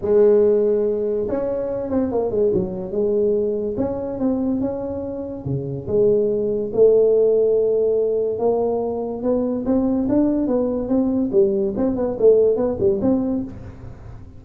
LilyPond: \new Staff \with { instrumentName = "tuba" } { \time 4/4 \tempo 4 = 143 gis2. cis'4~ | cis'8 c'8 ais8 gis8 fis4 gis4~ | gis4 cis'4 c'4 cis'4~ | cis'4 cis4 gis2 |
a1 | ais2 b4 c'4 | d'4 b4 c'4 g4 | c'8 b8 a4 b8 g8 c'4 | }